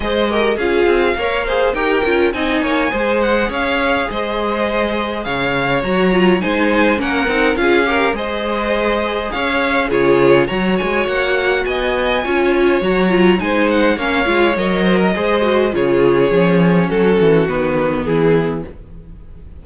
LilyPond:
<<
  \new Staff \with { instrumentName = "violin" } { \time 4/4 \tempo 4 = 103 dis''4 f''2 g''4 | gis''4. fis''8 f''4 dis''4~ | dis''4 f''4 ais''4 gis''4 | fis''4 f''4 dis''2 |
f''4 cis''4 ais''8 gis''8 fis''4 | gis''2 ais''4 gis''8 fis''8 | f''4 dis''2 cis''4~ | cis''4 a'4 b'4 gis'4 | }
  \new Staff \with { instrumentName = "violin" } { \time 4/4 c''8 ais'8 gis'4 cis''8 c''8 ais'4 | dis''8 cis''8 c''4 cis''4 c''4~ | c''4 cis''2 c''4 | ais'4 gis'8 ais'8 c''2 |
cis''4 gis'4 cis''2 | dis''4 cis''2 c''4 | cis''4. c''16 ais'16 c''4 gis'4~ | gis'4 fis'2 e'4 | }
  \new Staff \with { instrumentName = "viola" } { \time 4/4 gis'8 g'8 f'4 ais'8 gis'8 g'8 f'8 | dis'4 gis'2.~ | gis'2 fis'8 f'8 dis'4 | cis'8 dis'8 f'8 g'8 gis'2~ |
gis'4 f'4 fis'2~ | fis'4 f'4 fis'8 f'8 dis'4 | cis'8 f'8 ais'4 gis'8 fis'8 f'4 | cis'2 b2 | }
  \new Staff \with { instrumentName = "cello" } { \time 4/4 gis4 cis'8 c'8 ais4 dis'8 cis'8 | c'8 ais8 gis4 cis'4 gis4~ | gis4 cis4 fis4 gis4 | ais8 c'8 cis'4 gis2 |
cis'4 cis4 fis8 gis8 ais4 | b4 cis'4 fis4 gis4 | ais8 gis8 fis4 gis4 cis4 | f4 fis8 e8 dis4 e4 | }
>>